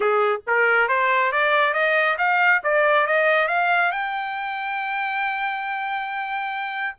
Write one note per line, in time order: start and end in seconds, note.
0.00 0.41 G#4
0.46 0.88 A#4
0.88 1.32 C5
1.32 1.73 D5
1.73 2.16 D#5
2.18 2.61 F5
2.63 3.07 D5
3.07 3.48 D#5
3.48 3.91 F5
3.91 6.96 G5